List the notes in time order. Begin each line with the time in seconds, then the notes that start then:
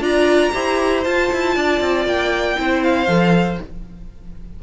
0.00 D4 F4 D5 A#5
0.54 E4 G4 C5
1.04 F4 A5
1.33 E4
1.56 D4 D5
1.81 C4
2.06 A#3 G5
2.56 C4 E4 C5
2.83 F5
3.07 F3 A4